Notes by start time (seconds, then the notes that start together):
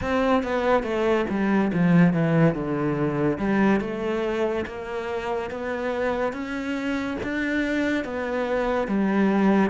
0.01 C4
0.43 B3
0.83 A3
1.29 G3
1.73 F3
2.13 E3
2.55 D3
3.38 G3
3.80 A3
4.66 A#3
5.50 B3
6.32 C#4
7.23 D4
8.04 B3
8.87 G3